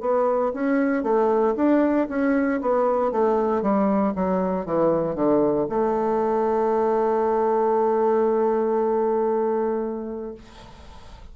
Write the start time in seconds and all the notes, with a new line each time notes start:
0.00 B3
0.53 C#4
1.03 A3
1.56 D4
2.09 C#4
2.61 B3
3.11 A3
3.62 G3
4.15 F#3
4.66 E3
5.15 D3
5.69 A3